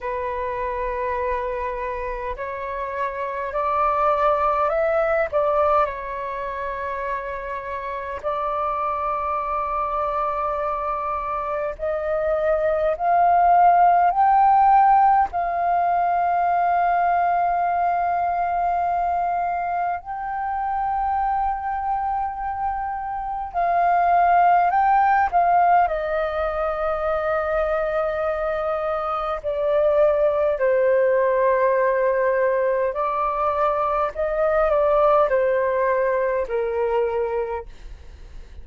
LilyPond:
\new Staff \with { instrumentName = "flute" } { \time 4/4 \tempo 4 = 51 b'2 cis''4 d''4 | e''8 d''8 cis''2 d''4~ | d''2 dis''4 f''4 | g''4 f''2.~ |
f''4 g''2. | f''4 g''8 f''8 dis''2~ | dis''4 d''4 c''2 | d''4 dis''8 d''8 c''4 ais'4 | }